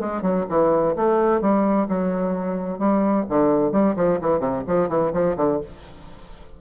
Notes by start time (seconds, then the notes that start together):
0.00 G#3
0.22 F#3
0.49 E3
0.96 A3
1.41 G3
1.88 F#3
2.79 G3
3.29 D3
3.72 G3
3.96 F3
4.21 E3
4.39 C3
4.67 F3
4.89 E3
5.13 F3
5.37 D3